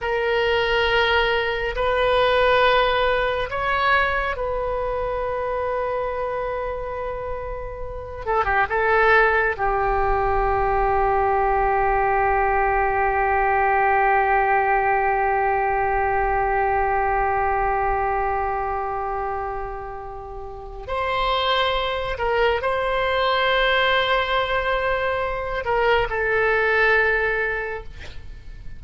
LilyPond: \new Staff \with { instrumentName = "oboe" } { \time 4/4 \tempo 4 = 69 ais'2 b'2 | cis''4 b'2.~ | b'4. a'16 g'16 a'4 g'4~ | g'1~ |
g'1~ | g'1 | c''4. ais'8 c''2~ | c''4. ais'8 a'2 | }